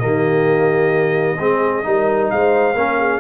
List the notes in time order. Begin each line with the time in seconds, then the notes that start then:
0.00 D#3 A#3 G4 D#5
1.39 G#3 C4 G#4
1.84 G3 D#4 A#4
2.31 G#3 C5 F5
2.75 A#3 C#4 A#4
2.99 G#4